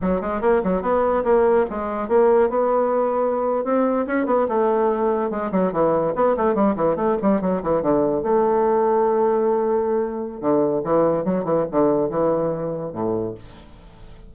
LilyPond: \new Staff \with { instrumentName = "bassoon" } { \time 4/4 \tempo 4 = 144 fis8 gis8 ais8 fis8 b4 ais4 | gis4 ais4 b2~ | b8. c'4 cis'8 b8 a4~ a16~ | a8. gis8 fis8 e4 b8 a8 g16~ |
g16 e8 a8 g8 fis8 e8 d4 a16~ | a1~ | a4 d4 e4 fis8 e8 | d4 e2 a,4 | }